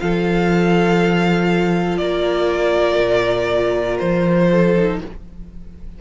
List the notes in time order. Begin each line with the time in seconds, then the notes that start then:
0.00 F3 F4 A4 F5
1.98 A#3 A#4 D5
2.99 A#2
3.99 F3 C5
4.50 A4
4.76 D#4